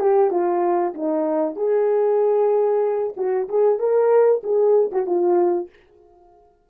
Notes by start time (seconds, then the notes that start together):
0.00 G4
0.31 F4
0.95 D#4
1.56 G#4
3.17 F#4
3.49 G#4
3.80 A#4
4.44 G#4
4.92 F#4
5.07 F4